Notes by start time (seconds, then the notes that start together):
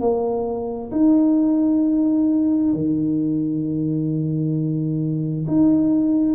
0.00 A#3
0.91 D#4
2.73 D#3
5.47 D#4